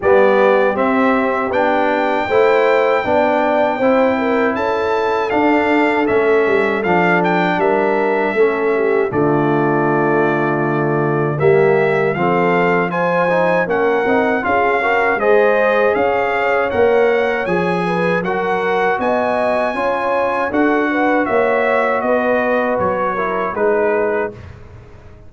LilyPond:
<<
  \new Staff \with { instrumentName = "trumpet" } { \time 4/4 \tempo 4 = 79 d''4 e''4 g''2~ | g''2 a''4 f''4 | e''4 f''8 g''8 e''2 | d''2. e''4 |
f''4 gis''4 fis''4 f''4 | dis''4 f''4 fis''4 gis''4 | fis''4 gis''2 fis''4 | e''4 dis''4 cis''4 b'4 | }
  \new Staff \with { instrumentName = "horn" } { \time 4/4 g'2. c''4 | d''4 c''8 ais'8 a'2~ | a'2 ais'4 a'8 g'8 | f'2. g'4 |
a'4 c''4 ais'4 gis'8 ais'8 | c''4 cis''2~ cis''8 b'8 | ais'4 dis''4 cis''4 a'8 b'8 | cis''4 b'4. ais'8 gis'4 | }
  \new Staff \with { instrumentName = "trombone" } { \time 4/4 b4 c'4 d'4 e'4 | d'4 e'2 d'4 | cis'4 d'2 cis'4 | a2. ais4 |
c'4 f'8 dis'8 cis'8 dis'8 f'8 fis'8 | gis'2 ais'4 gis'4 | fis'2 f'4 fis'4~ | fis'2~ fis'8 e'8 dis'4 | }
  \new Staff \with { instrumentName = "tuba" } { \time 4/4 g4 c'4 b4 a4 | b4 c'4 cis'4 d'4 | a8 g8 f4 g4 a4 | d2. g4 |
f2 ais8 c'8 cis'4 | gis4 cis'4 ais4 f4 | fis4 b4 cis'4 d'4 | ais4 b4 fis4 gis4 | }
>>